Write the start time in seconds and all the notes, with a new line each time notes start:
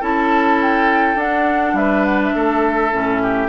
0.00 C#4 E4 A4 A5
0.62 G5
1.15 D4 F#5
1.73 G3 B4 E5
2.05 F#5
2.22 E5
2.35 A3 A4
2.92 A2 C#4
3.22 G4